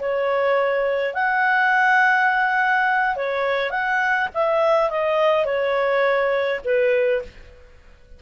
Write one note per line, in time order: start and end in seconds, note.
0.00 1.14 C#5
1.14 3.16 F#5
3.16 3.71 C#5
3.71 4.28 F#5
4.35 4.90 E5
4.90 5.45 D#5
5.45 6.61 C#5
6.65 7.22 B4